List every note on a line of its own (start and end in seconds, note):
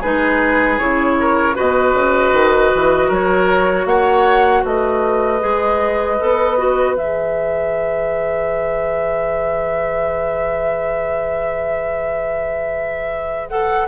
0.00 0.79 G#3
0.00 0.79 D#4
0.00 1.15 G#4
0.00 0.79 B4
0.79 1.56 C#3
0.79 1.55 E4
0.79 1.56 C#5
1.20 1.55 A#4
1.55 1.94 B2
1.55 5.39 F#4
1.55 3.08 B4
1.55 3.12 D#5
1.94 2.32 C#3
2.33 2.71 D#3
2.75 3.10 E3
3.08 3.85 F#3
3.08 3.85 A#4
3.08 3.87 C#5
3.85 4.62 A#3
3.85 4.63 C#5
3.85 4.64 F#5
4.63 5.41 A3
4.63 13.86 B4
4.63 6.96 D#5
5.40 6.20 G#3
5.40 6.17 G#4
6.20 6.96 B3
6.20 6.58 A4
6.58 6.96 F#4
6.96 13.88 E3
6.96 13.50 G#4
6.96 13.49 E5
13.49 13.88 A4
13.49 13.87 F#5